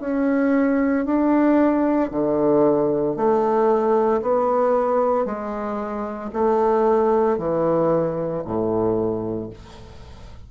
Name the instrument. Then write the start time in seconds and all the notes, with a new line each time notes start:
bassoon
0.00 C#4
1.05 D4
2.11 D3
3.16 A3
4.22 B3
5.25 G#3
6.33 A3
7.38 E3
8.44 A2